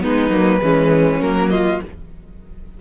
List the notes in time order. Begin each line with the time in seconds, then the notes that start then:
0.00 G#3 B3 D#4 B4
0.29 F#3 A#3
0.61 E3 G#3 C#4
1.20 F#3 A#3 A#4
1.50 F4 D#5